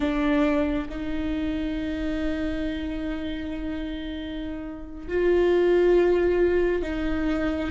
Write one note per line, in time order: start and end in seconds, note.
0.00 0.88 D4
0.89 5.07 D#4
5.07 6.82 F4
6.82 7.70 D#4